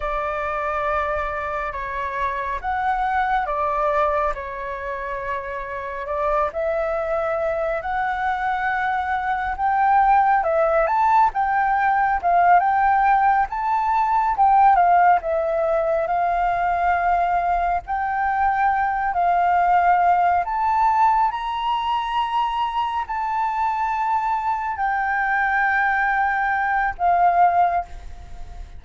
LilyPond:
\new Staff \with { instrumentName = "flute" } { \time 4/4 \tempo 4 = 69 d''2 cis''4 fis''4 | d''4 cis''2 d''8 e''8~ | e''4 fis''2 g''4 | e''8 a''8 g''4 f''8 g''4 a''8~ |
a''8 g''8 f''8 e''4 f''4.~ | f''8 g''4. f''4. a''8~ | a''8 ais''2 a''4.~ | a''8 g''2~ g''8 f''4 | }